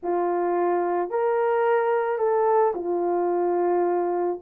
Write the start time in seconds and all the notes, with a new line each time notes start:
0.02 F4
1.09 A#4
2.18 A4
2.74 F4